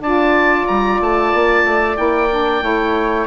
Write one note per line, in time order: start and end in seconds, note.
0.00 0.65 D4
0.00 1.95 F4
0.00 2.64 D5
0.00 0.67 A5
0.67 1.00 G3
0.67 1.00 A#5
1.00 1.33 A3
1.00 1.97 A5
1.34 1.64 A#3
1.64 1.97 A3
1.95 2.62 A#3
1.95 2.28 E4
1.95 3.27 G5
2.30 2.61 D4
2.61 3.27 A3
2.61 3.27 E4
2.61 3.27 C#5